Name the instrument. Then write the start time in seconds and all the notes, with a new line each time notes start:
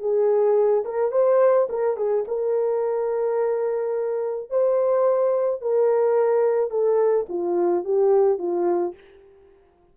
horn
0.00 G#4
0.85 A#4
1.12 C5
1.70 A#4
1.97 G#4
2.28 A#4
4.50 C5
5.62 A#4
6.71 A4
7.29 F4
7.85 G4
8.39 F4